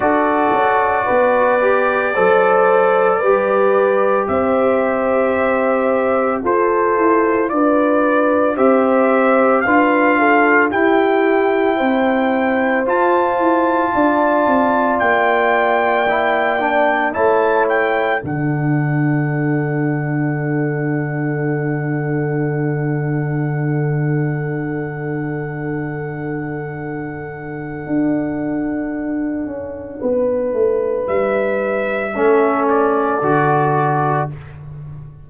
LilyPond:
<<
  \new Staff \with { instrumentName = "trumpet" } { \time 4/4 \tempo 4 = 56 d''1 | e''2 c''4 d''4 | e''4 f''4 g''2 | a''2 g''2 |
a''8 g''8 fis''2.~ | fis''1~ | fis''1~ | fis''4 e''4. d''4. | }
  \new Staff \with { instrumentName = "horn" } { \time 4/4 a'4 b'4 c''4 b'4 | c''2 a'4 b'4 | c''4 b'8 a'8 g'4 c''4~ | c''4 d''2. |
cis''4 a'2.~ | a'1~ | a'1 | b'2 a'2 | }
  \new Staff \with { instrumentName = "trombone" } { \time 4/4 fis'4. g'8 a'4 g'4~ | g'2 f'2 | g'4 f'4 e'2 | f'2. e'8 d'8 |
e'4 d'2.~ | d'1~ | d'1~ | d'2 cis'4 fis'4 | }
  \new Staff \with { instrumentName = "tuba" } { \time 4/4 d'8 cis'8 b4 fis4 g4 | c'2 f'8 e'8 d'4 | c'4 d'4 e'4 c'4 | f'8 e'8 d'8 c'8 ais2 |
a4 d2.~ | d1~ | d2 d'4. cis'8 | b8 a8 g4 a4 d4 | }
>>